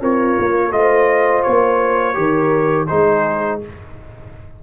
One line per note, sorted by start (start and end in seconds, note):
0.00 0.37 C4
0.00 0.73 F4
0.00 0.72 A#4
0.00 0.72 C#5
0.39 0.72 A#3
0.72 1.44 A3
0.72 2.14 F4
0.72 2.18 C5
0.72 1.43 D#5
1.43 2.17 A#3
1.43 2.87 C#5
2.14 2.89 D#3
2.14 2.86 G4
2.14 2.89 A#4
2.87 3.63 G#3
2.87 3.61 D#4
2.87 3.61 G#4
2.87 3.59 C5